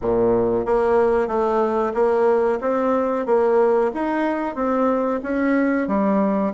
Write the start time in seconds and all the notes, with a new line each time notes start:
0.01 A#2
0.65 A#3
1.27 A3
1.94 A#3
2.60 C4
3.26 A#3
3.94 D#4
4.55 C4
5.22 C#4
5.87 G3